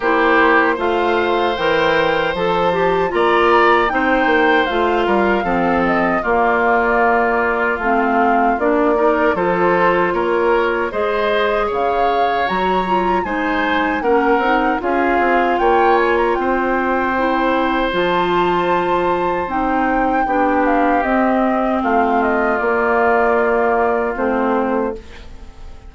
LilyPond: <<
  \new Staff \with { instrumentName = "flute" } { \time 4/4 \tempo 4 = 77 c''4 f''4 g''4 a''4 | ais''4 g''4 f''4. dis''8 | d''2 f''4 d''4 | c''4 cis''4 dis''4 f''4 |
ais''4 gis''4 fis''4 f''4 | g''8 gis''16 ais''16 g''2 a''4~ | a''4 g''4. f''8 dis''4 | f''8 dis''8 d''2 c''4 | }
  \new Staff \with { instrumentName = "oboe" } { \time 4/4 g'4 c''2. | d''4 c''4. ais'8 a'4 | f'2.~ f'8 ais'8 | a'4 ais'4 c''4 cis''4~ |
cis''4 c''4 ais'4 gis'4 | cis''4 c''2.~ | c''2 g'2 | f'1 | }
  \new Staff \with { instrumentName = "clarinet" } { \time 4/4 e'4 f'4 ais'4 a'8 g'8 | f'4 dis'4 f'4 c'4 | ais2 c'4 d'8 dis'8 | f'2 gis'2 |
fis'8 f'8 dis'4 cis'8 dis'8 f'4~ | f'2 e'4 f'4~ | f'4 dis'4 d'4 c'4~ | c'4 ais2 c'4 | }
  \new Staff \with { instrumentName = "bassoon" } { \time 4/4 ais4 a4 e4 f4 | ais4 c'8 ais8 a8 g8 f4 | ais2 a4 ais4 | f4 ais4 gis4 cis4 |
fis4 gis4 ais8 c'8 cis'8 c'8 | ais4 c'2 f4~ | f4 c'4 b4 c'4 | a4 ais2 a4 | }
>>